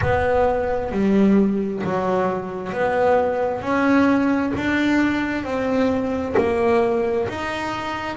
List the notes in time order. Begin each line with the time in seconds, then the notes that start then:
0.01 B3
0.91 G3
1.83 F#3
2.72 B3
3.61 C#4
4.56 D4
5.44 C4
6.37 A#3
7.28 D#4